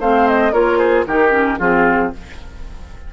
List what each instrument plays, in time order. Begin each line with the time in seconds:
0.00 bassoon A3, clarinet C4, oboe C5, flute F5
0.28 flute D#5
0.53 bassoon A#3, clarinet F4, oboe A#4, flute C#5
0.78 oboe G#4, flute C5
1.07 bassoon D#3, clarinet D#4, oboe G4, flute A#4
1.31 clarinet C#4
1.59 bassoon F3, clarinet C4, oboe F4, flute G#4